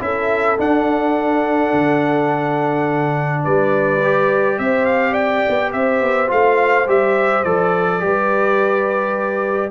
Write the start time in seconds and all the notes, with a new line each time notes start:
0.00 C#4 E4 A4 E5
0.58 D4 F#5
1.73 D3
3.44 G3 B4 D5
4.04 G4
4.59 C4 C5 E5
4.86 F5
5.12 D5 G5
5.49 B3
5.73 C4 C5 E5
6.02 B3
6.27 A3 F4 F5
6.87 G3 G4 E5
7.44 F3 A4 D5
8.00 G3 G4 B4